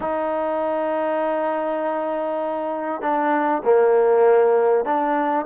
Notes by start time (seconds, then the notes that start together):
0.00 D#4
3.01 D4
3.64 A#3
4.85 D4